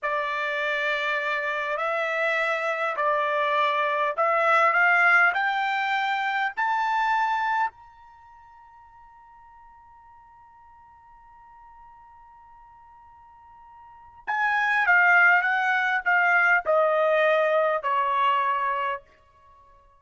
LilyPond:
\new Staff \with { instrumentName = "trumpet" } { \time 4/4 \tempo 4 = 101 d''2. e''4~ | e''4 d''2 e''4 | f''4 g''2 a''4~ | a''4 ais''2.~ |
ais''1~ | ais''1 | gis''4 f''4 fis''4 f''4 | dis''2 cis''2 | }